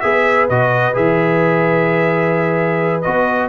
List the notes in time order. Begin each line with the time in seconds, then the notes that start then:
0.00 B3 G#4 B4 E5
0.49 B2 F#4 D#5
0.94 E3 G#4 E5
3.01 B3 F#4 D#5